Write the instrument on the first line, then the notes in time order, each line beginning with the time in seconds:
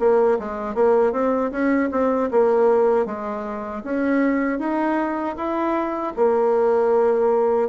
bassoon
0.00 A#3
0.40 G#3
0.75 A#3
1.13 C4
1.52 C#4
1.92 C4
2.31 A#3
3.06 G#3
3.84 C#4
4.59 D#4
5.37 E4
6.17 A#3